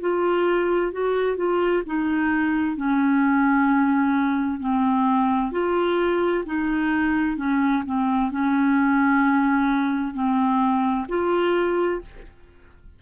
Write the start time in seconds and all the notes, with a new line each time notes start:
0.00 F4
0.92 F#4
1.36 F4
1.86 D#4
2.77 C#4
4.60 C4
5.51 F4
6.45 D#4
7.37 C#4
7.85 C4
8.31 C#4
10.14 C4
11.08 F4